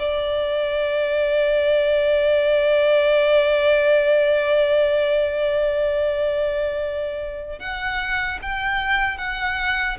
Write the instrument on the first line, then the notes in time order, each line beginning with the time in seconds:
violin
0.00 D5
7.60 F#5
8.43 G5
9.18 F#5